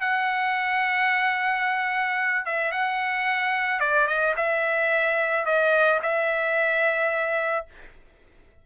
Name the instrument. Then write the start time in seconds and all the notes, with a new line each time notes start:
trumpet
0.00 F#5
2.45 E5
2.71 F#5
3.80 D5
4.07 D#5
4.36 E5
5.45 D#5
6.02 E5